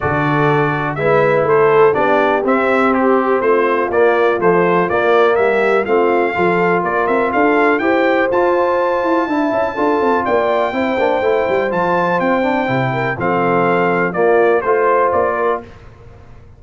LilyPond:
<<
  \new Staff \with { instrumentName = "trumpet" } { \time 4/4 \tempo 4 = 123 d''2 e''4 c''4 | d''4 e''4 g'4 c''4 | d''4 c''4 d''4 e''4 | f''2 d''8 e''8 f''4 |
g''4 a''2.~ | a''4 g''2. | a''4 g''2 f''4~ | f''4 d''4 c''4 d''4 | }
  \new Staff \with { instrumentName = "horn" } { \time 4/4 a'2 b'4 a'4 | g'2. f'4~ | f'2. g'4 | f'4 a'4 ais'4 a'4 |
c''2. e''4 | a'4 d''4 c''2~ | c''2~ c''8 ais'8 a'4~ | a'4 f'4 c''4. ais'8 | }
  \new Staff \with { instrumentName = "trombone" } { \time 4/4 fis'2 e'2 | d'4 c'2. | ais4 f4 ais2 | c'4 f'2. |
g'4 f'2 e'4 | f'2 e'8 d'8 e'4 | f'4. d'8 e'4 c'4~ | c'4 ais4 f'2 | }
  \new Staff \with { instrumentName = "tuba" } { \time 4/4 d2 gis4 a4 | b4 c'2 a4 | ais4 a4 ais4 g4 | a4 f4 ais8 c'8 d'4 |
e'4 f'4. e'8 d'8 cis'8 | d'8 c'8 ais4 c'8 ais8 a8 g8 | f4 c'4 c4 f4~ | f4 ais4 a4 ais4 | }
>>